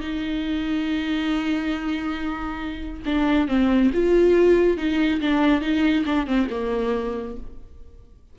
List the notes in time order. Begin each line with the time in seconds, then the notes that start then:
0.00 D#4
3.05 D4
3.48 C4
3.93 F4
4.77 D#4
5.21 D4
5.61 D#4
6.05 D4
6.26 C4
6.50 A#3